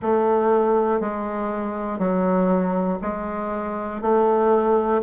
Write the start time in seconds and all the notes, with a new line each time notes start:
0.01 A3
1.00 G#3
1.98 F#3
3.01 G#3
4.01 A3